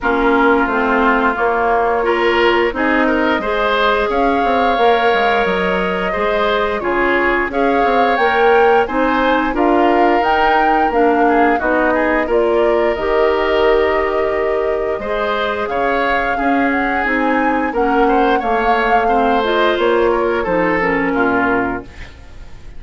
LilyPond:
<<
  \new Staff \with { instrumentName = "flute" } { \time 4/4 \tempo 4 = 88 ais'4 c''4 cis''2 | dis''2 f''2 | dis''2 cis''4 f''4 | g''4 gis''4 f''4 g''4 |
f''4 dis''4 d''4 dis''4~ | dis''2. f''4~ | f''8 fis''8 gis''4 fis''4 f''4~ | f''8 dis''8 cis''4 c''8 ais'4. | }
  \new Staff \with { instrumentName = "oboe" } { \time 4/4 f'2. ais'4 | gis'8 ais'8 c''4 cis''2~ | cis''4 c''4 gis'4 cis''4~ | cis''4 c''4 ais'2~ |
ais'8 gis'8 fis'8 gis'8 ais'2~ | ais'2 c''4 cis''4 | gis'2 ais'8 c''8 cis''4 | c''4. ais'8 a'4 f'4 | }
  \new Staff \with { instrumentName = "clarinet" } { \time 4/4 cis'4 c'4 ais4 f'4 | dis'4 gis'2 ais'4~ | ais'4 gis'4 f'4 gis'4 | ais'4 dis'4 f'4 dis'4 |
d'4 dis'4 f'4 g'4~ | g'2 gis'2 | cis'4 dis'4 cis'4 ais4 | c'8 f'4. dis'8 cis'4. | }
  \new Staff \with { instrumentName = "bassoon" } { \time 4/4 ais4 a4 ais2 | c'4 gis4 cis'8 c'8 ais8 gis8 | fis4 gis4 cis4 cis'8 c'8 | ais4 c'4 d'4 dis'4 |
ais4 b4 ais4 dis4~ | dis2 gis4 cis4 | cis'4 c'4 ais4 a4~ | a4 ais4 f4 ais,4 | }
>>